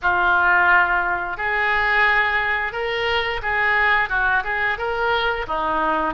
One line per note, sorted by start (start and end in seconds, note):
0.02 1.37 F4
1.37 2.72 G#4
2.72 3.40 A#4
3.42 4.09 G#4
4.09 4.43 F#4
4.43 4.78 G#4
4.78 5.46 A#4
5.47 6.14 D#4